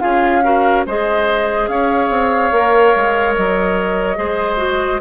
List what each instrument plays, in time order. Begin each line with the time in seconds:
0.00 bassoon C#4, clarinet F4, oboe G#4, flute F5
0.43 clarinet F#4, oboe A#4
0.86 bassoon G#3, clarinet G#4, oboe C5, flute D#5
1.68 bassoon C#4, oboe C#5, flute F5
2.09 bassoon C4
2.52 bassoon A#3, clarinet A#4
2.95 bassoon G#3
3.35 bassoon F#3, flute D#5
4.16 bassoon G#3, clarinet G#4, oboe C5
4.57 clarinet F#4